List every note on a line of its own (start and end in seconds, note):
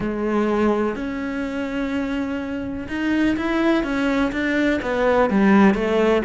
0.00 0.95 G#3
0.95 2.87 C#4
2.88 3.36 D#4
3.36 3.83 E4
3.83 4.31 C#4
4.32 4.80 D4
4.81 5.29 B3
5.30 5.74 G3
5.74 6.22 A3